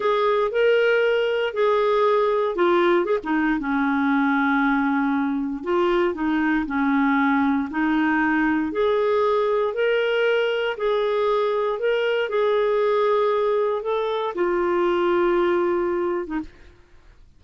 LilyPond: \new Staff \with { instrumentName = "clarinet" } { \time 4/4 \tempo 4 = 117 gis'4 ais'2 gis'4~ | gis'4 f'4 gis'16 dis'8. cis'4~ | cis'2. f'4 | dis'4 cis'2 dis'4~ |
dis'4 gis'2 ais'4~ | ais'4 gis'2 ais'4 | gis'2. a'4 | f'2.~ f'8. dis'16 | }